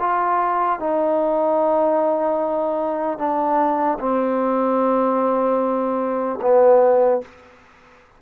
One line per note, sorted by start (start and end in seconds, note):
0.00 0.80 F4
0.80 3.18 D#4
3.18 3.98 D4
4.00 6.40 C4
6.42 7.22 B3